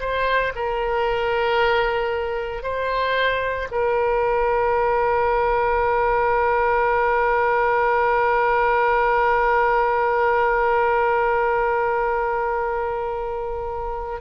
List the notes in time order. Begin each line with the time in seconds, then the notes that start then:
0.00 C5
0.56 A#4
2.63 C5
3.71 A#4